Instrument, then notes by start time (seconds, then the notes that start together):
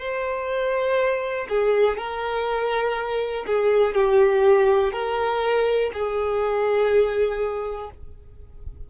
violin
0.00 C5
1.49 G#4
1.98 A#4
3.47 G#4
3.95 G4
4.93 A#4
5.94 G#4